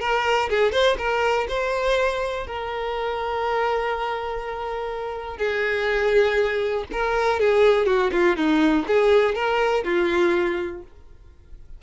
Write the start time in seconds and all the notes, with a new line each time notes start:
0.00 A#4
0.49 G#4
0.72 C5
0.98 A#4
1.48 C5
2.47 A#4
5.37 G#4
6.92 A#4
7.40 G#4
7.86 F#4
8.12 F4
8.36 D#4
8.87 G#4
9.35 A#4
9.84 F4